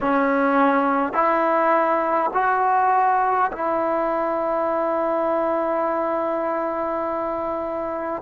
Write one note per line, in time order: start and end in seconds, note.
0.00 1.13 C#4
1.13 2.30 E4
2.33 3.51 F#4
3.51 8.22 E4